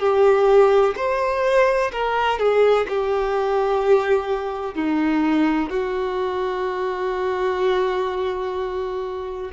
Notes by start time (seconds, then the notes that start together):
0.00 G4
0.97 C5
1.93 A#4
2.39 G#4
2.89 G4
4.75 D#4
5.70 F#4